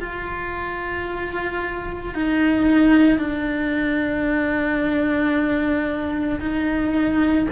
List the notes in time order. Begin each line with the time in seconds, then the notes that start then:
0.00 F4
2.14 D#4
3.19 D4
6.40 D#4